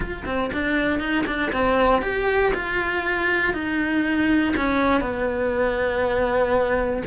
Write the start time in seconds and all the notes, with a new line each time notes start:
0.00 F4
0.25 C4
0.53 D4
0.99 D#4
1.26 D4
1.52 C4
2.02 G4
2.54 F4
3.53 D#4
4.56 C#4
5.00 B3